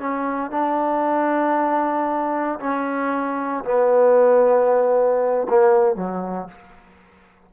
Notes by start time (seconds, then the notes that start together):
0.00 C#4
0.51 D4
2.60 C#4
3.65 B3
5.50 A#3
5.96 F#3